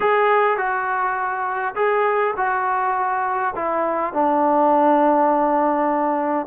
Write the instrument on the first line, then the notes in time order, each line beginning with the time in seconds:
trombone
0.00 G#4
0.57 F#4
1.75 G#4
2.37 F#4
3.55 E4
4.13 D4